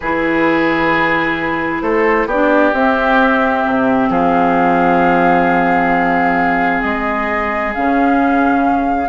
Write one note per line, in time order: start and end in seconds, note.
0.00 1.82 E3
0.00 2.30 E4
0.00 1.82 G#4
0.00 1.81 B4
1.81 2.26 A3
1.81 2.27 A4
1.81 2.27 C5
2.26 2.71 B3
2.26 4.09 G4
2.26 2.74 D5
2.32 2.72 D4
2.72 7.72 C4
2.72 3.64 C4
2.72 4.10 E5
3.65 4.09 C3
4.09 6.81 F3
4.09 9.08 G#4
4.09 6.81 F5
6.81 7.74 G#3
6.81 7.72 D#5
7.74 9.08 C#3
7.74 9.08 C#4
7.74 9.08 F5